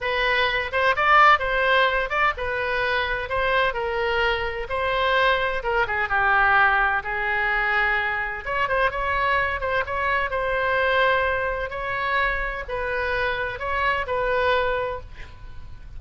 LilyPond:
\new Staff \with { instrumentName = "oboe" } { \time 4/4 \tempo 4 = 128 b'4. c''8 d''4 c''4~ | c''8 d''8 b'2 c''4 | ais'2 c''2 | ais'8 gis'8 g'2 gis'4~ |
gis'2 cis''8 c''8 cis''4~ | cis''8 c''8 cis''4 c''2~ | c''4 cis''2 b'4~ | b'4 cis''4 b'2 | }